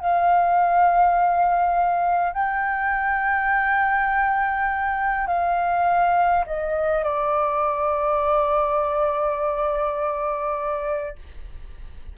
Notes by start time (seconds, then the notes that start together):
0.00 F5
2.33 G5
5.27 F5
6.46 D#5
7.04 D5